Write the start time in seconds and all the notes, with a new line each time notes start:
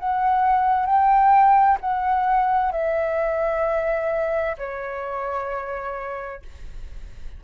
0.00 F#5
0.86 G5
1.81 F#5
2.72 E5
4.58 C#5